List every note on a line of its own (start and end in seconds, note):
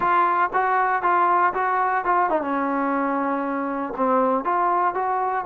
0.00 0.50 F4
0.53 1.02 F#4
1.02 1.53 F4
1.53 2.04 F#4
2.05 2.29 F4
2.29 2.41 D#4
2.41 3.93 C#4
3.97 4.44 C4
4.44 4.94 F4
4.94 5.45 F#4